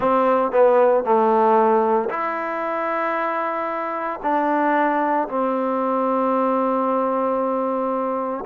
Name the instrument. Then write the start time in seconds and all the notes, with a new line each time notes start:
trombone
0.00 C4
0.51 B3
1.03 A3
2.09 E4
4.22 D4
5.28 C4